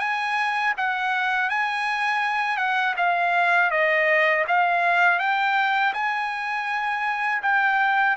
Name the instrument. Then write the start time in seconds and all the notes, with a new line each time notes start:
trumpet
0.00 G#5
0.77 F#5
1.50 G#5
2.57 F#5
2.97 F5
3.71 D#5
4.48 F5
5.20 G5
5.94 G#5
7.42 G5